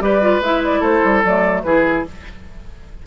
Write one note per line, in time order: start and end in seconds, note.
0.00 0.40 G3
0.00 0.21 G4
0.00 0.80 B4
0.00 0.42 D5
0.21 0.41 F4
0.40 0.80 G#3
0.40 1.25 E4
0.40 0.63 E5
0.64 0.83 D5
0.80 1.02 A3
0.80 1.61 A4
0.80 1.24 C5
1.04 1.24 G3
1.24 1.64 F#3
1.24 1.66 A3
1.24 1.62 D5
1.62 2.04 E3
1.62 2.06 E4
1.62 2.06 G#4
1.62 2.03 B4